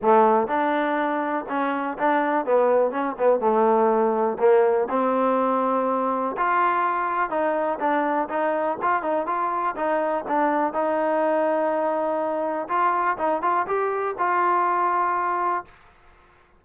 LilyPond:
\new Staff \with { instrumentName = "trombone" } { \time 4/4 \tempo 4 = 123 a4 d'2 cis'4 | d'4 b4 cis'8 b8 a4~ | a4 ais4 c'2~ | c'4 f'2 dis'4 |
d'4 dis'4 f'8 dis'8 f'4 | dis'4 d'4 dis'2~ | dis'2 f'4 dis'8 f'8 | g'4 f'2. | }